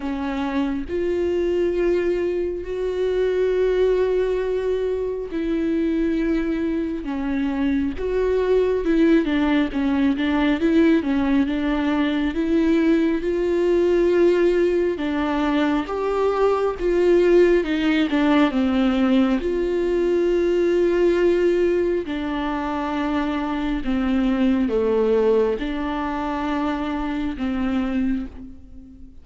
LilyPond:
\new Staff \with { instrumentName = "viola" } { \time 4/4 \tempo 4 = 68 cis'4 f'2 fis'4~ | fis'2 e'2 | cis'4 fis'4 e'8 d'8 cis'8 d'8 | e'8 cis'8 d'4 e'4 f'4~ |
f'4 d'4 g'4 f'4 | dis'8 d'8 c'4 f'2~ | f'4 d'2 c'4 | a4 d'2 c'4 | }